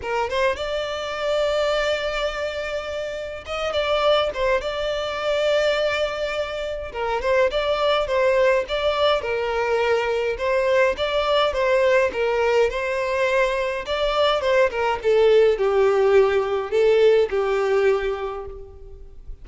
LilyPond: \new Staff \with { instrumentName = "violin" } { \time 4/4 \tempo 4 = 104 ais'8 c''8 d''2.~ | d''2 dis''8 d''4 c''8 | d''1 | ais'8 c''8 d''4 c''4 d''4 |
ais'2 c''4 d''4 | c''4 ais'4 c''2 | d''4 c''8 ais'8 a'4 g'4~ | g'4 a'4 g'2 | }